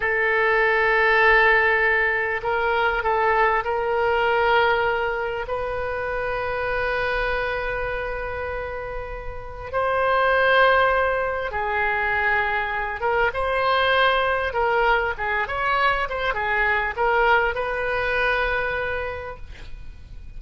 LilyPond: \new Staff \with { instrumentName = "oboe" } { \time 4/4 \tempo 4 = 99 a'1 | ais'4 a'4 ais'2~ | ais'4 b'2.~ | b'1 |
c''2. gis'4~ | gis'4. ais'8 c''2 | ais'4 gis'8 cis''4 c''8 gis'4 | ais'4 b'2. | }